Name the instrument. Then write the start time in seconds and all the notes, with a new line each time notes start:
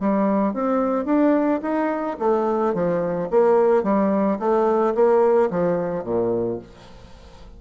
bassoon
0.00 G3
0.54 C4
1.05 D4
1.62 D#4
2.19 A3
2.74 F3
3.30 A#3
3.83 G3
4.39 A3
4.95 A#3
5.50 F3
6.04 A#2